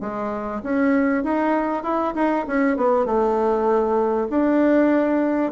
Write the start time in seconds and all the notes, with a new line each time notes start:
0.00 G#3
0.63 C#4
1.23 D#4
1.83 E4
2.15 D#4
2.47 C#4
2.77 B3
3.05 A3
4.30 D4